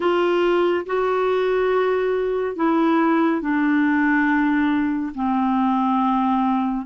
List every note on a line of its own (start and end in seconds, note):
0.00 0.85 F4
0.86 2.56 F#4
2.56 3.41 E4
3.41 5.12 D4
5.14 6.86 C4